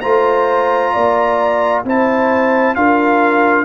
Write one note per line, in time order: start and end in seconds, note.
0.00 0.94 A3
0.00 1.84 F4
0.00 0.92 C5
0.00 1.82 A#5
0.93 1.84 A#3
0.93 1.84 D5
1.84 2.75 C4
1.84 2.76 E4
1.84 2.76 C5
1.84 2.75 A5
2.75 3.65 D4
2.75 3.65 F4
2.75 3.65 A#4
2.75 3.65 F5